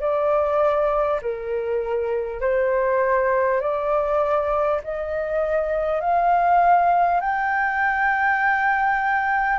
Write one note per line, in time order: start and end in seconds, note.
0.00 1.20 D5
1.21 2.40 A#4
2.40 3.60 C5
3.60 4.80 D5
4.84 6.01 D#5
6.01 7.20 F5
7.20 9.59 G5